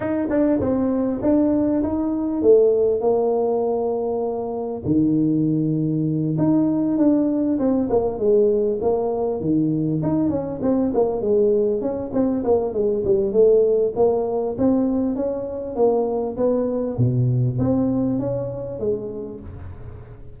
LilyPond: \new Staff \with { instrumentName = "tuba" } { \time 4/4 \tempo 4 = 99 dis'8 d'8 c'4 d'4 dis'4 | a4 ais2. | dis2~ dis8 dis'4 d'8~ | d'8 c'8 ais8 gis4 ais4 dis8~ |
dis8 dis'8 cis'8 c'8 ais8 gis4 cis'8 | c'8 ais8 gis8 g8 a4 ais4 | c'4 cis'4 ais4 b4 | b,4 c'4 cis'4 gis4 | }